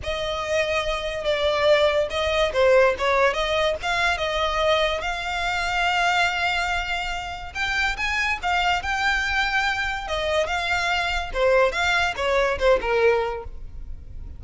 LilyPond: \new Staff \with { instrumentName = "violin" } { \time 4/4 \tempo 4 = 143 dis''2. d''4~ | d''4 dis''4 c''4 cis''4 | dis''4 f''4 dis''2 | f''1~ |
f''2 g''4 gis''4 | f''4 g''2. | dis''4 f''2 c''4 | f''4 cis''4 c''8 ais'4. | }